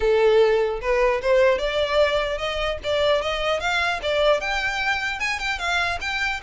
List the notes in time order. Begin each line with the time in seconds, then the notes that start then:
0.00 A4
0.81 B4
1.21 C5
1.58 D5
2.38 D#5
2.83 D5
3.21 D#5
3.59 F5
4.02 D5
4.40 G5
5.19 G#5
5.39 G5
5.59 F5
6.01 G5